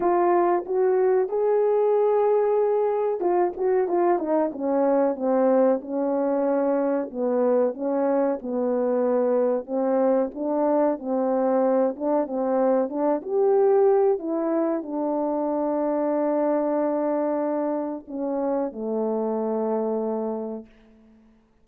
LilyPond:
\new Staff \with { instrumentName = "horn" } { \time 4/4 \tempo 4 = 93 f'4 fis'4 gis'2~ | gis'4 f'8 fis'8 f'8 dis'8 cis'4 | c'4 cis'2 b4 | cis'4 b2 c'4 |
d'4 c'4. d'8 c'4 | d'8 g'4. e'4 d'4~ | d'1 | cis'4 a2. | }